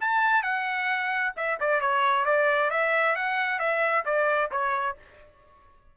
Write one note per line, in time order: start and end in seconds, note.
0.00 0.43 A5
0.43 1.33 F#5
1.36 1.59 E5
1.60 1.81 D5
1.81 2.25 C#5
2.25 2.70 D5
2.70 3.15 E5
3.16 3.59 F#5
3.59 4.04 E5
4.05 4.50 D5
4.51 4.96 C#5